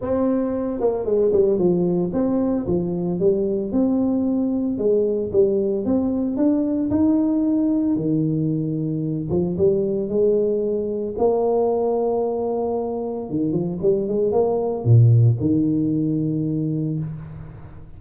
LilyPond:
\new Staff \with { instrumentName = "tuba" } { \time 4/4 \tempo 4 = 113 c'4. ais8 gis8 g8 f4 | c'4 f4 g4 c'4~ | c'4 gis4 g4 c'4 | d'4 dis'2 dis4~ |
dis4. f8 g4 gis4~ | gis4 ais2.~ | ais4 dis8 f8 g8 gis8 ais4 | ais,4 dis2. | }